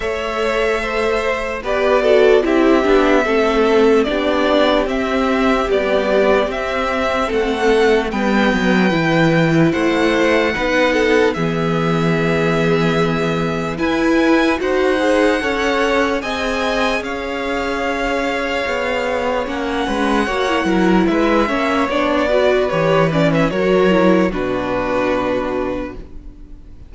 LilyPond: <<
  \new Staff \with { instrumentName = "violin" } { \time 4/4 \tempo 4 = 74 e''2 d''4 e''4~ | e''4 d''4 e''4 d''4 | e''4 fis''4 g''2 | fis''2 e''2~ |
e''4 gis''4 fis''2 | gis''4 f''2. | fis''2 e''4 d''4 | cis''8 d''16 e''16 cis''4 b'2 | }
  \new Staff \with { instrumentName = "violin" } { \time 4/4 cis''4 c''4 b'8 a'8 g'4 | a'4 g'2.~ | g'4 a'4 b'2 | c''4 b'8 a'8 gis'2~ |
gis'4 b'4 c''4 cis''4 | dis''4 cis''2.~ | cis''8 b'8 cis''8 ais'8 b'8 cis''4 b'8~ | b'4 ais'4 fis'2 | }
  \new Staff \with { instrumentName = "viola" } { \time 4/4 a'2 g'8 fis'8 e'8 d'8 | c'4 d'4 c'4 g4 | c'2 b4 e'4~ | e'4 dis'4 b2~ |
b4 e'4 fis'8 gis'8 a'4 | gis'1 | cis'4 fis'16 e'4~ e'16 cis'8 d'8 fis'8 | g'8 cis'8 fis'8 e'8 d'2 | }
  \new Staff \with { instrumentName = "cello" } { \time 4/4 a2 b4 c'8 b8 | a4 b4 c'4 b4 | c'4 a4 g8 fis8 e4 | a4 b4 e2~ |
e4 e'4 dis'4 cis'4 | c'4 cis'2 b4 | ais8 gis8 ais8 fis8 gis8 ais8 b4 | e4 fis4 b,2 | }
>>